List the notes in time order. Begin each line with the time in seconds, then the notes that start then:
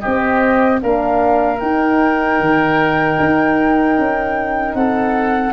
0.00 C4 G4 D#5
0.80 A#3 D4 A#4 F5
1.60 D#4 G5
2.40 D#3
3.19 D#4
3.98 C#4
4.75 C4 A4 F#5